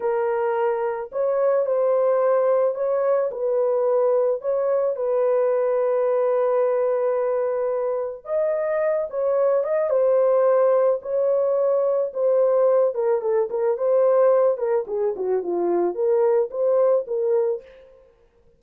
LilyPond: \new Staff \with { instrumentName = "horn" } { \time 4/4 \tempo 4 = 109 ais'2 cis''4 c''4~ | c''4 cis''4 b'2 | cis''4 b'2.~ | b'2. dis''4~ |
dis''8 cis''4 dis''8 c''2 | cis''2 c''4. ais'8 | a'8 ais'8 c''4. ais'8 gis'8 fis'8 | f'4 ais'4 c''4 ais'4 | }